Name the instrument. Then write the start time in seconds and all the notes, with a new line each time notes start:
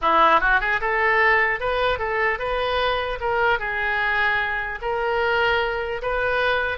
oboe
0.01 E4
0.40 F#4
0.60 G#4
0.80 A4
1.60 B4
1.98 A4
2.39 B4
3.20 A#4
3.59 G#4
4.81 A#4
6.02 B4